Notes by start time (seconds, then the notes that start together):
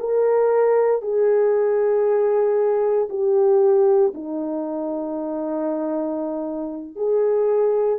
0.00 A#4
1.02 G#4
3.09 G4
4.14 D#4
6.96 G#4